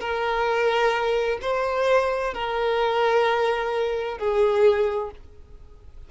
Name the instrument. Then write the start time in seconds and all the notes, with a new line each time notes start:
violin
0.00 A#4
1.41 C5
2.34 A#4
4.18 G#4